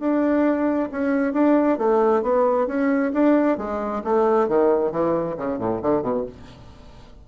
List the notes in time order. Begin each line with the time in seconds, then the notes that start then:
0.00 D4
0.92 C#4
1.34 D4
1.78 A3
2.23 B3
2.68 C#4
3.14 D4
3.58 G#3
4.04 A3
4.49 D#3
4.92 E3
5.38 C#3
5.59 A2
5.82 D3
6.02 B2